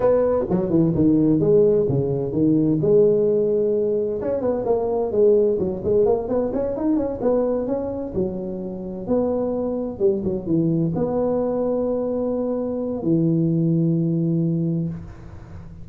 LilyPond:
\new Staff \with { instrumentName = "tuba" } { \time 4/4 \tempo 4 = 129 b4 fis8 e8 dis4 gis4 | cis4 dis4 gis2~ | gis4 cis'8 b8 ais4 gis4 | fis8 gis8 ais8 b8 cis'8 dis'8 cis'8 b8~ |
b8 cis'4 fis2 b8~ | b4. g8 fis8 e4 b8~ | b1 | e1 | }